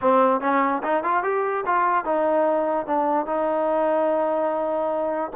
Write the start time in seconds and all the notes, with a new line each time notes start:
0.01 C4
0.40 C#4
0.83 D#4
1.03 F4
1.23 G4
1.66 F4
2.04 D#4
2.86 D4
3.26 D#4